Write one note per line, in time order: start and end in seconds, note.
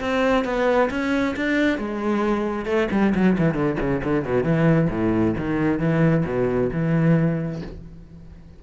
0.00 0.44 C4
0.44 0.89 B3
0.90 1.35 C#4
1.36 1.78 D4
1.78 2.65 G#3
2.65 2.88 A3
2.91 3.13 G3
3.14 3.37 F#3
3.38 3.54 E3
3.54 3.76 D3
3.80 4.02 C#3
4.04 4.24 D3
4.24 4.43 B2
4.43 4.88 E3
4.90 5.34 A2
5.38 5.79 D#3
5.79 6.24 E3
6.25 6.70 B2
6.72 7.61 E3